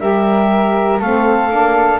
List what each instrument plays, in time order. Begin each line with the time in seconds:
0.00 double bass G3, saxophone G4, flute A#4, clarinet E5
1.00 double bass A3, saxophone C4, flute A4, clarinet F5
1.50 double bass A#3, saxophone D4